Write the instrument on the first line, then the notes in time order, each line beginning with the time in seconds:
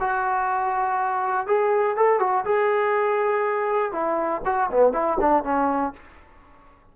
trombone
0.00 F#4
1.47 G#4
1.96 A4
2.20 F#4
2.45 G#4
3.92 E4
4.45 F#4
4.71 B3
4.93 E4
5.20 D4
5.43 C#4